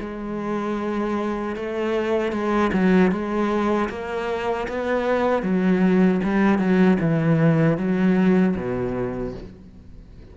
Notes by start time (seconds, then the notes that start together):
0.00 G#3
1.56 A3
2.32 G#3
2.73 F#3
3.11 G#3
3.90 A#3
4.68 B3
5.43 F#3
6.24 G3
6.58 F#3
7.00 E3
7.77 F#3
8.56 B2